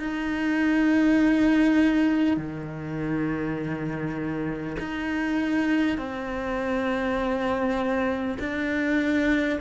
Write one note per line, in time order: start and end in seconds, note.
0.00 2.37 D#4
2.37 4.77 D#3
4.80 5.98 D#4
5.98 8.38 C4
8.39 9.59 D4